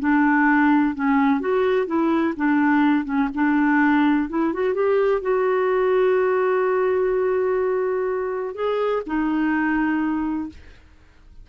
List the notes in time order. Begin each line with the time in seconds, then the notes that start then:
0.00 D4
0.95 C#4
1.40 F#4
1.87 E4
2.37 D4
3.05 C#4
3.35 D4
4.30 E4
4.53 F#4
4.74 G4
5.22 F#4
8.55 G#4
9.07 D#4